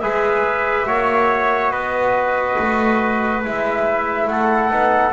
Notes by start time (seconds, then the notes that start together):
0.00 G#3 G#4 B4 E5
0.86 A#3 F#4 C#5
1.71 B3 B4 D#5
2.59 A3
3.44 G#3 E4 E5
4.27 A3 A4 F#5
4.70 B3 D#4